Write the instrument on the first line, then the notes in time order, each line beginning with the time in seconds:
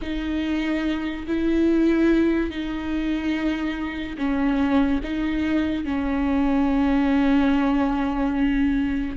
viola
0.01 D#4
1.27 E4
2.50 D#4
4.17 C#4
5.03 D#4
5.84 C#4